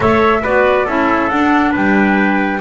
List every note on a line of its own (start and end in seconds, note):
0.00 0.43 A3
0.00 0.44 A4
0.00 0.41 C#5
0.00 0.44 E5
0.42 0.87 B3
0.42 0.87 F#4
0.42 0.85 B4
0.42 0.88 D5
0.85 1.30 C#4
0.85 1.31 E4
0.85 1.71 A4
0.85 1.29 E5
1.29 2.61 D4
1.29 1.75 D4
1.29 1.72 F#5
1.71 2.61 G3
1.71 2.58 B4
1.71 2.61 G5